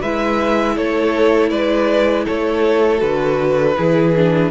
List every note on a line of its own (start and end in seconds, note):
0.00 0.76 G#3
0.00 2.98 E4
0.00 0.75 B4
0.00 0.77 E5
0.75 1.51 A3
0.75 1.50 A4
0.75 1.49 C#5
1.49 2.26 G#3
1.49 2.25 B4
1.49 2.24 D5
2.25 3.02 A3
2.25 3.75 A4
2.25 3.00 C#5
2.98 3.77 D3
2.98 3.73 F#4
2.98 4.50 B4
3.77 4.50 E3
3.77 4.15 E4
3.77 4.50 G#4
4.15 4.50 D4